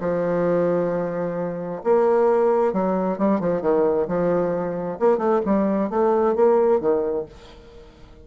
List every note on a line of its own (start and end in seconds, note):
0.00 1.82 F3
1.83 2.73 A#3
2.73 3.18 F#3
3.18 3.40 G3
3.40 3.61 F3
3.61 4.06 D#3
4.07 4.98 F3
4.99 5.18 A#3
5.18 5.40 A3
5.45 5.89 G3
5.89 6.35 A3
6.35 6.80 A#3
6.80 7.25 D#3